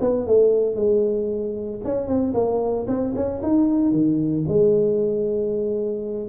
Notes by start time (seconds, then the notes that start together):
0.00 B3
0.26 A3
0.75 G#3
1.84 C#4
2.07 C4
2.34 A#3
2.87 C4
3.15 C#4
3.42 D#4
3.92 D#3
4.48 G#3